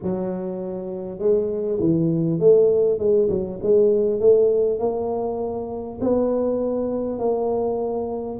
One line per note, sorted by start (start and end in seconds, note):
0.02 1.18 F#3
1.18 1.78 G#3
1.79 2.39 E3
2.39 2.98 A3
2.98 3.28 G#3
3.29 3.59 F#3
3.62 4.19 G#3
4.19 4.79 A3
4.79 5.99 A#3
6.00 7.18 B3
7.18 8.38 A#3